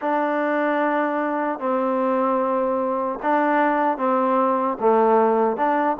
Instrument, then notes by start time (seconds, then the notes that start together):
trombone
0.01 D4
1.59 C4
3.22 D4
3.97 C4
4.80 A3
5.56 D4